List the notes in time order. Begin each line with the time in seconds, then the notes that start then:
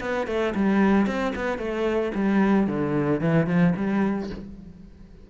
0.00 B3
0.27 A3
0.55 G3
1.06 C4
1.35 B3
1.58 A3
2.14 G3
2.67 D3
3.20 E3
3.46 F3
3.76 G3